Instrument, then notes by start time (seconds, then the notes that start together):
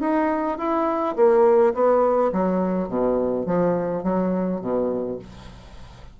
bassoon
0.00 D#4
0.58 E4
1.16 A#3
1.74 B3
2.32 F#3
2.88 B2
3.46 F3
4.03 F#3
4.61 B2